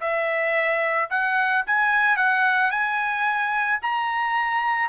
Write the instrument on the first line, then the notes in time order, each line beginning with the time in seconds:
trumpet
0.00 E5
1.10 F#5
1.66 G#5
2.16 F#5
2.70 G#5
3.82 A#5